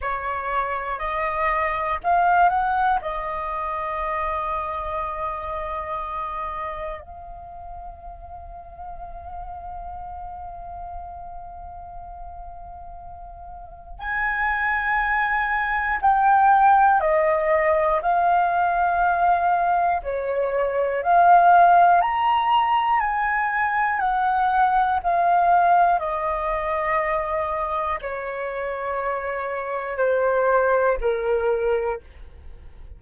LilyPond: \new Staff \with { instrumentName = "flute" } { \time 4/4 \tempo 4 = 60 cis''4 dis''4 f''8 fis''8 dis''4~ | dis''2. f''4~ | f''1~ | f''2 gis''2 |
g''4 dis''4 f''2 | cis''4 f''4 ais''4 gis''4 | fis''4 f''4 dis''2 | cis''2 c''4 ais'4 | }